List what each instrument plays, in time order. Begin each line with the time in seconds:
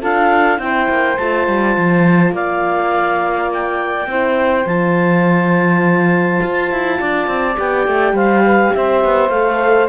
0.00 cello D4, horn F4, saxophone A4, clarinet F5
0.58 cello C4, horn E4, saxophone C5, clarinet G5
0.89 cello A#3
1.18 cello A3, horn F4, clarinet A5
1.47 cello G3
1.77 cello F3
2.32 cello A#3, saxophone D5, clarinet F5
3.53 clarinet G5
4.07 cello C4, horn E4, saxophone C5
4.65 cello F3, horn F4, clarinet A5
6.42 cello F4
6.72 cello E4
6.99 cello D4, saxophone D5
7.27 cello C4
7.56 cello B3, horn G4, clarinet G5
7.87 cello A3
8.13 cello G3, saxophone C5, clarinet F5
8.45 saxophone B4
8.75 cello C4, saxophone C5, clarinet E5
9.04 cello B3
9.30 cello A3, horn A4, clarinet F5